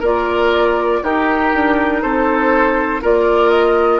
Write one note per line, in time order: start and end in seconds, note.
0.00 1.01 A#3
0.00 1.04 F4
0.00 1.00 A#4
0.00 1.04 D5
1.03 1.53 D#4
1.03 3.02 D#4
1.03 2.02 G4
1.03 2.02 A#4
1.54 2.03 D4
2.02 3.03 C4
2.02 3.02 A4
2.02 3.02 C5
3.02 4.00 A#3
3.02 4.00 F4
3.02 4.00 A#4
3.02 3.50 D5
3.50 4.00 D#5